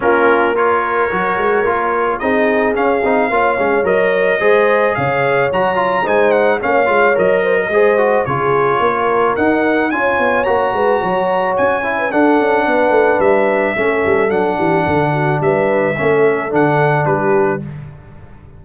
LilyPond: <<
  \new Staff \with { instrumentName = "trumpet" } { \time 4/4 \tempo 4 = 109 ais'4 cis''2. | dis''4 f''2 dis''4~ | dis''4 f''4 ais''4 gis''8 fis''8 | f''4 dis''2 cis''4~ |
cis''4 fis''4 gis''4 ais''4~ | ais''4 gis''4 fis''2 | e''2 fis''2 | e''2 fis''4 b'4 | }
  \new Staff \with { instrumentName = "horn" } { \time 4/4 f'4 ais'2. | gis'2 cis''2 | c''4 cis''2 c''4 | cis''4. c''16 ais'16 c''4 gis'4 |
ais'2 cis''4. b'8 | cis''4.~ cis''16 b'16 a'4 b'4~ | b'4 a'4. g'8 a'8 fis'8 | b'4 a'2 g'4 | }
  \new Staff \with { instrumentName = "trombone" } { \time 4/4 cis'4 f'4 fis'4 f'4 | dis'4 cis'8 dis'8 f'8 cis'8 ais'4 | gis'2 fis'8 f'8 dis'4 | cis'8 f'8 ais'4 gis'8 fis'8 f'4~ |
f'4 dis'4 f'4 fis'4~ | fis'4. e'8 d'2~ | d'4 cis'4 d'2~ | d'4 cis'4 d'2 | }
  \new Staff \with { instrumentName = "tuba" } { \time 4/4 ais2 fis8 gis8 ais4 | c'4 cis'8 c'8 ais8 gis8 fis4 | gis4 cis4 fis4 gis4 | ais8 gis8 fis4 gis4 cis4 |
ais4 dis'4 cis'8 b8 ais8 gis8 | fis4 cis'4 d'8 cis'8 b8 a8 | g4 a8 g8 fis8 e8 d4 | g4 a4 d4 g4 | }
>>